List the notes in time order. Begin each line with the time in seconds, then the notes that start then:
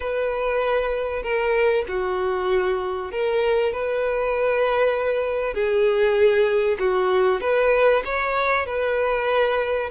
0.00 B4
1.22 A#4
1.88 F#4
3.11 A#4
3.73 B4
5.54 G#4
6.79 F#4
7.41 B4
8.04 C#5
8.66 B4